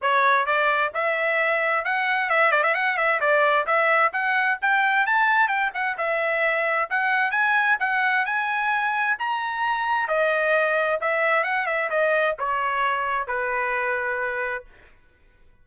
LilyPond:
\new Staff \with { instrumentName = "trumpet" } { \time 4/4 \tempo 4 = 131 cis''4 d''4 e''2 | fis''4 e''8 d''16 e''16 fis''8 e''8 d''4 | e''4 fis''4 g''4 a''4 | g''8 fis''8 e''2 fis''4 |
gis''4 fis''4 gis''2 | ais''2 dis''2 | e''4 fis''8 e''8 dis''4 cis''4~ | cis''4 b'2. | }